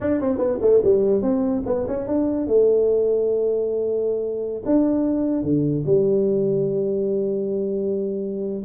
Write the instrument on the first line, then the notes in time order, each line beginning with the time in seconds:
tuba
0.00 D4
0.20 C4
0.38 B3
0.61 A3
0.83 G3
1.21 C4
1.66 B3
1.87 C#4
2.07 D4
2.47 A3
4.65 D4
5.42 D3
5.86 G3